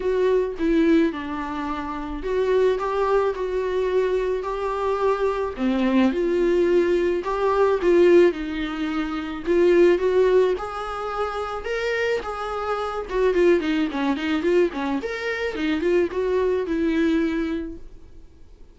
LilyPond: \new Staff \with { instrumentName = "viola" } { \time 4/4 \tempo 4 = 108 fis'4 e'4 d'2 | fis'4 g'4 fis'2 | g'2 c'4 f'4~ | f'4 g'4 f'4 dis'4~ |
dis'4 f'4 fis'4 gis'4~ | gis'4 ais'4 gis'4. fis'8 | f'8 dis'8 cis'8 dis'8 f'8 cis'8 ais'4 | dis'8 f'8 fis'4 e'2 | }